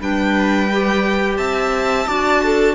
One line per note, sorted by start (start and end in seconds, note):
0.00 1.38 G3
0.00 0.69 D4
0.00 1.39 B4
0.00 1.38 G5
0.72 2.08 G4
1.38 2.07 C4
1.38 2.08 E5
1.38 2.75 A5
2.08 2.75 D4
2.08 2.75 F#4
2.08 2.43 D5
2.44 2.75 A4